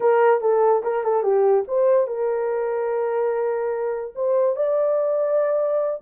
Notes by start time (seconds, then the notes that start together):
0.00 A#4
0.40 A4
0.83 A#4
1.03 A4
1.22 G4
1.67 C5
2.07 A#4
4.15 C5
4.56 D5